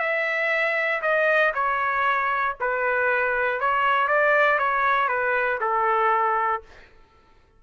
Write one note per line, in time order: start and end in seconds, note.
0.00 1.02 E5
1.02 1.53 D#5
1.54 2.56 C#5
2.60 3.61 B4
3.61 4.08 C#5
4.08 4.59 D5
4.59 5.08 C#5
5.08 5.59 B4
5.61 6.63 A4